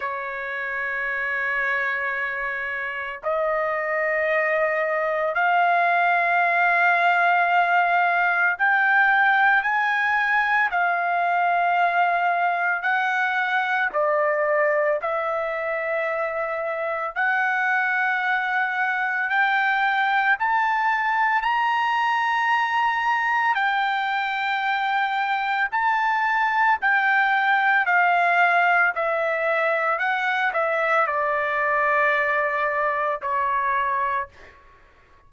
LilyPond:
\new Staff \with { instrumentName = "trumpet" } { \time 4/4 \tempo 4 = 56 cis''2. dis''4~ | dis''4 f''2. | g''4 gis''4 f''2 | fis''4 d''4 e''2 |
fis''2 g''4 a''4 | ais''2 g''2 | a''4 g''4 f''4 e''4 | fis''8 e''8 d''2 cis''4 | }